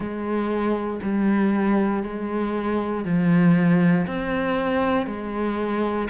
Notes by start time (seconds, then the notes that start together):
0.00 G#3
1.03 G3
2.03 G#3
3.05 F3
4.06 C4
5.06 G#3